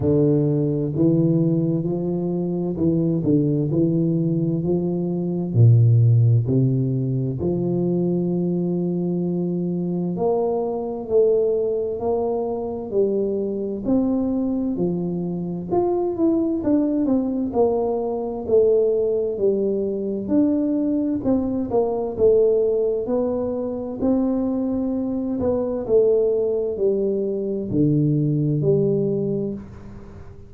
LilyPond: \new Staff \with { instrumentName = "tuba" } { \time 4/4 \tempo 4 = 65 d4 e4 f4 e8 d8 | e4 f4 ais,4 c4 | f2. ais4 | a4 ais4 g4 c'4 |
f4 f'8 e'8 d'8 c'8 ais4 | a4 g4 d'4 c'8 ais8 | a4 b4 c'4. b8 | a4 g4 d4 g4 | }